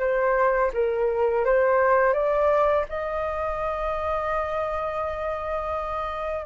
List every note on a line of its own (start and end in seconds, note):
0.00 0.71 C5
0.74 1.45 A#4
1.45 2.14 C5
2.14 2.85 D5
2.89 6.46 D#5